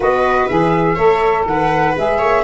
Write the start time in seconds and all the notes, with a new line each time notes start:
0.00 B3 F#4 B4 D#5
0.47 E3 G#4 E5
0.94 A3 A4 C#5
1.45 D#3 B4 F#5
1.95 G#3 G#4 E5
2.18 A#3 C#5